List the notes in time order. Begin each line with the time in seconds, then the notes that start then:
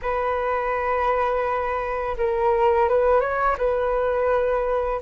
0.02 B4
2.17 A#4
2.88 B4
3.20 C#5
3.58 B4